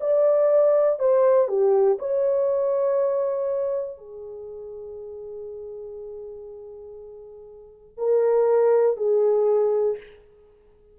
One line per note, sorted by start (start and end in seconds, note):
0.00 0.99 D5
0.99 1.48 C5
1.48 1.98 G4
1.99 3.98 C#5
3.98 7.97 G#4
7.97 8.97 A#4
8.97 9.97 G#4